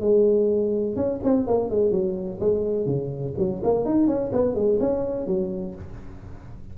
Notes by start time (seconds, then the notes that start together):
0.00 G#3
0.96 C#4
1.23 C4
1.47 A#3
1.69 G#3
1.91 F#3
2.40 G#3
2.86 C#3
3.38 F#3
3.63 A#3
3.85 D#4
4.07 C#4
4.32 B3
4.54 G#3
4.80 C#4
5.26 F#3